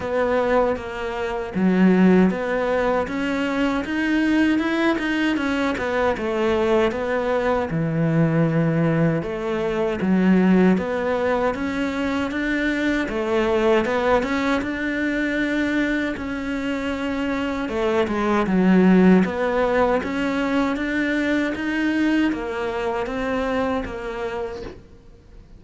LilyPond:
\new Staff \with { instrumentName = "cello" } { \time 4/4 \tempo 4 = 78 b4 ais4 fis4 b4 | cis'4 dis'4 e'8 dis'8 cis'8 b8 | a4 b4 e2 | a4 fis4 b4 cis'4 |
d'4 a4 b8 cis'8 d'4~ | d'4 cis'2 a8 gis8 | fis4 b4 cis'4 d'4 | dis'4 ais4 c'4 ais4 | }